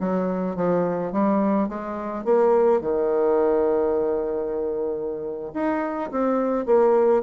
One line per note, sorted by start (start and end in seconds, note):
0.00 0.56 F#3
0.56 1.12 F3
1.12 1.69 G3
1.69 2.25 G#3
2.25 2.82 A#3
2.82 5.53 D#3
5.54 6.11 D#4
6.11 6.66 C4
6.66 7.23 A#3